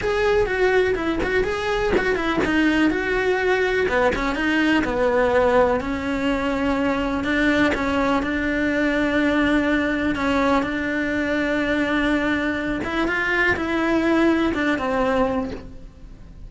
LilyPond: \new Staff \with { instrumentName = "cello" } { \time 4/4 \tempo 4 = 124 gis'4 fis'4 e'8 fis'8 gis'4 | fis'8 e'8 dis'4 fis'2 | b8 cis'8 dis'4 b2 | cis'2. d'4 |
cis'4 d'2.~ | d'4 cis'4 d'2~ | d'2~ d'8 e'8 f'4 | e'2 d'8 c'4. | }